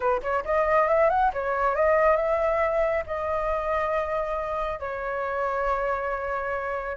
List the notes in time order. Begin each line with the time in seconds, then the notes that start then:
0.00 B4
0.22 C#5
0.44 D#5
0.88 E5
1.09 F#5
1.33 C#5
1.75 D#5
2.16 E5
3.06 D#5
4.79 C#5